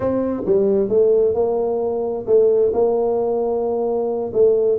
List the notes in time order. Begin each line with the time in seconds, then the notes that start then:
0.00 C4
0.45 G3
0.88 A3
1.34 A#3
2.26 A3
2.73 A#3
4.33 A3